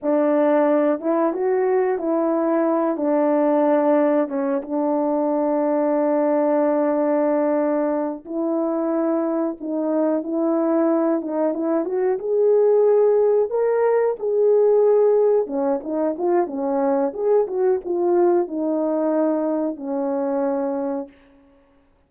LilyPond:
\new Staff \with { instrumentName = "horn" } { \time 4/4 \tempo 4 = 91 d'4. e'8 fis'4 e'4~ | e'8 d'2 cis'8 d'4~ | d'1~ | d'8 e'2 dis'4 e'8~ |
e'4 dis'8 e'8 fis'8 gis'4.~ | gis'8 ais'4 gis'2 cis'8 | dis'8 f'8 cis'4 gis'8 fis'8 f'4 | dis'2 cis'2 | }